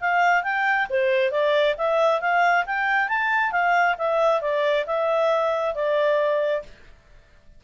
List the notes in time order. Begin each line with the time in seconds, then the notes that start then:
0.00 F5
0.43 G5
0.89 C5
1.31 D5
1.77 E5
2.20 F5
2.66 G5
3.08 A5
3.51 F5
3.97 E5
4.41 D5
4.86 E5
5.74 D5